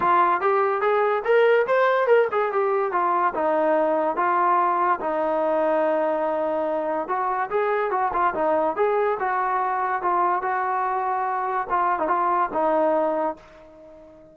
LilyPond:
\new Staff \with { instrumentName = "trombone" } { \time 4/4 \tempo 4 = 144 f'4 g'4 gis'4 ais'4 | c''4 ais'8 gis'8 g'4 f'4 | dis'2 f'2 | dis'1~ |
dis'4 fis'4 gis'4 fis'8 f'8 | dis'4 gis'4 fis'2 | f'4 fis'2. | f'8. dis'16 f'4 dis'2 | }